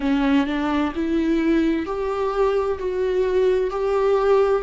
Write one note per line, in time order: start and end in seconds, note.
0.00 0.46 C#4
0.46 0.92 D4
0.95 1.85 E4
1.85 2.78 G4
2.79 3.70 F#4
3.70 4.62 G4